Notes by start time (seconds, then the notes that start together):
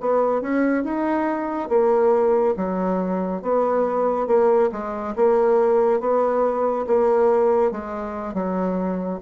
0.00 B3
0.41 C#4
0.83 D#4
1.69 A#3
2.56 F#3
3.42 B3
4.27 A#3
4.71 G#3
5.15 A#3
6.00 B3
6.87 A#3
7.71 G#3
8.33 F#3